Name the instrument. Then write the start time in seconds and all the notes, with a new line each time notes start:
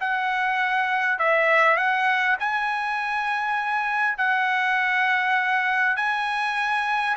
trumpet
0.00 F#5
1.19 E5
1.77 F#5
2.40 G#5
4.18 F#5
5.96 G#5